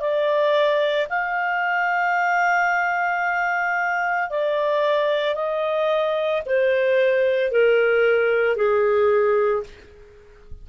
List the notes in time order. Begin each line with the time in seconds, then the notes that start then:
0.00 D5
1.09 F5
4.30 D5
5.35 D#5
6.45 C5
7.51 A#4
8.56 G#4